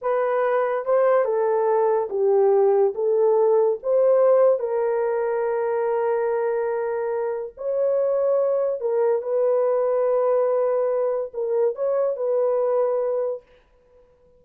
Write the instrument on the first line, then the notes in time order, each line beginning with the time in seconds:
horn
0.01 B4
0.85 C5
1.24 A4
2.09 G4
2.94 A4
3.82 C5
4.59 A#4
7.57 C#5
8.80 A#4
9.22 B4
11.33 A#4
11.75 C#5
12.16 B4